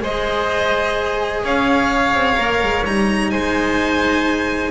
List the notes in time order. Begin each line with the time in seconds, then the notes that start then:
0.00 G#3 G#4 C5 D#5
1.43 C#4 C#5 F5
2.14 C4
2.35 A#3 A#4
2.62 G#3
2.85 G3 D#4 A#5
3.30 G#3 C5 G#5